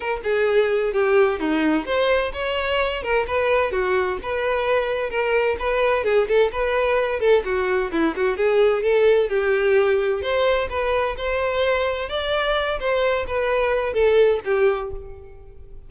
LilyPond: \new Staff \with { instrumentName = "violin" } { \time 4/4 \tempo 4 = 129 ais'8 gis'4. g'4 dis'4 | c''4 cis''4. ais'8 b'4 | fis'4 b'2 ais'4 | b'4 gis'8 a'8 b'4. a'8 |
fis'4 e'8 fis'8 gis'4 a'4 | g'2 c''4 b'4 | c''2 d''4. c''8~ | c''8 b'4. a'4 g'4 | }